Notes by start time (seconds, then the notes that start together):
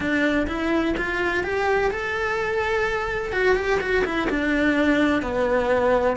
0.00 D4
0.47 E4
0.97 F4
1.43 G4
1.90 A4
3.32 F#4
3.55 G4
3.80 F#4
4.04 E4
4.29 D4
5.22 B3